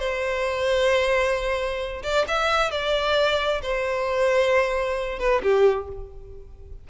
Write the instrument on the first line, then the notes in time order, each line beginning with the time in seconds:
violin
0.00 C5
2.03 D5
2.28 E5
2.71 D5
3.63 C5
5.20 B4
5.43 G4